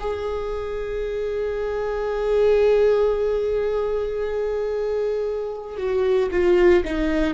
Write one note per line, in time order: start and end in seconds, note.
0.00 5.78 G#4
5.78 6.30 F#4
6.32 6.84 F4
6.85 7.34 D#4